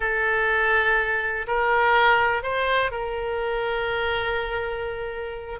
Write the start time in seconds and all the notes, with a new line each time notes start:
0.00 A4
1.47 A#4
2.42 C5
2.91 A#4